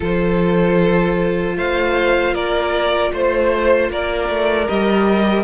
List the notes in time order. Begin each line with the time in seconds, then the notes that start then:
0.00 F3 F4 A4 C5
1.56 A3 C5 F5
2.33 A#3 A#4 D5
3.12 A3 C5
3.89 A#3 A#4 D5
4.28 A3
4.67 G3 G4 D#5